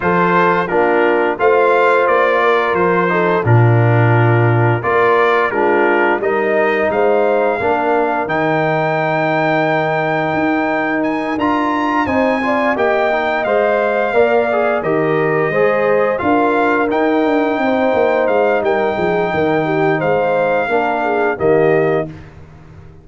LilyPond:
<<
  \new Staff \with { instrumentName = "trumpet" } { \time 4/4 \tempo 4 = 87 c''4 ais'4 f''4 d''4 | c''4 ais'2 d''4 | ais'4 dis''4 f''2 | g''1 |
gis''8 ais''4 gis''4 g''4 f''8~ | f''4. dis''2 f''8~ | f''8 g''2 f''8 g''4~ | g''4 f''2 dis''4 | }
  \new Staff \with { instrumentName = "horn" } { \time 4/4 a'4 f'4 c''4. ais'8~ | ais'8 a'8 f'2 ais'4 | f'4 ais'4 c''4 ais'4~ | ais'1~ |
ais'4. c''8 d''8 dis''4.~ | dis''8 d''4 ais'4 c''4 ais'8~ | ais'4. c''4. ais'8 gis'8 | ais'8 g'8 c''4 ais'8 gis'8 g'4 | }
  \new Staff \with { instrumentName = "trombone" } { \time 4/4 f'4 d'4 f'2~ | f'8 dis'8 d'2 f'4 | d'4 dis'2 d'4 | dis'1~ |
dis'8 f'4 dis'8 f'8 g'8 dis'8 c''8~ | c''8 ais'8 gis'8 g'4 gis'4 f'8~ | f'8 dis'2.~ dis'8~ | dis'2 d'4 ais4 | }
  \new Staff \with { instrumentName = "tuba" } { \time 4/4 f4 ais4 a4 ais4 | f4 ais,2 ais4 | gis4 g4 gis4 ais4 | dis2. dis'4~ |
dis'8 d'4 c'4 ais4 gis8~ | gis8 ais4 dis4 gis4 d'8~ | d'8 dis'8 d'8 c'8 ais8 gis8 g8 f8 | dis4 gis4 ais4 dis4 | }
>>